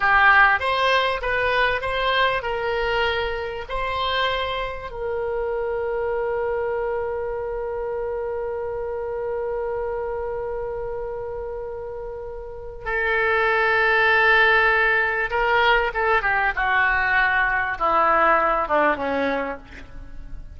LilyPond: \new Staff \with { instrumentName = "oboe" } { \time 4/4 \tempo 4 = 98 g'4 c''4 b'4 c''4 | ais'2 c''2 | ais'1~ | ais'1~ |
ais'1~ | ais'4 a'2.~ | a'4 ais'4 a'8 g'8 fis'4~ | fis'4 e'4. d'8 cis'4 | }